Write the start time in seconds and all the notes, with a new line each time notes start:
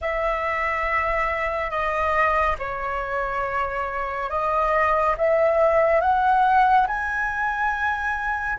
0.01 E5
1.70 D#5
2.58 C#5
4.29 D#5
5.17 E5
6.00 F#5
6.86 G#5